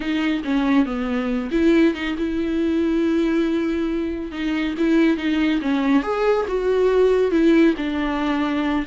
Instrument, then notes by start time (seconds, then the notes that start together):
viola
0.00 D#4
0.44 C#4
0.85 B3
1.51 E4
1.94 D#4
2.18 E4
4.31 D#4
4.77 E4
5.17 D#4
5.61 C#4
6.02 G#4
6.48 F#4
7.31 E4
7.77 D4